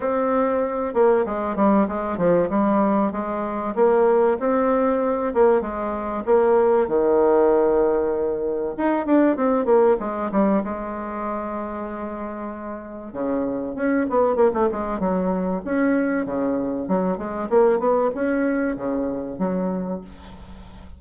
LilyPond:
\new Staff \with { instrumentName = "bassoon" } { \time 4/4 \tempo 4 = 96 c'4. ais8 gis8 g8 gis8 f8 | g4 gis4 ais4 c'4~ | c'8 ais8 gis4 ais4 dis4~ | dis2 dis'8 d'8 c'8 ais8 |
gis8 g8 gis2.~ | gis4 cis4 cis'8 b8 ais16 a16 gis8 | fis4 cis'4 cis4 fis8 gis8 | ais8 b8 cis'4 cis4 fis4 | }